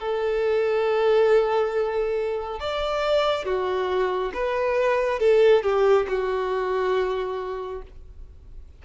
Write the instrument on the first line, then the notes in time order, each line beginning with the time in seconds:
violin
0.00 A4
2.60 D5
3.45 F#4
4.34 B4
5.19 A4
5.63 G4
6.08 F#4